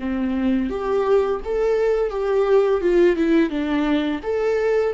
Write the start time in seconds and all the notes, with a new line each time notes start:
0.00 C4
0.70 G4
1.45 A4
2.11 G4
2.81 F4
3.16 E4
3.50 D4
4.24 A4